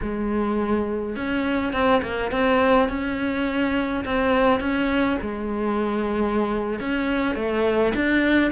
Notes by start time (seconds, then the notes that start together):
0.02 G#3
1.16 C#4
1.72 C4
2.02 A#3
2.31 C4
2.88 C#4
4.05 C4
4.59 C#4
5.21 G#3
6.79 C#4
7.35 A3
7.95 D4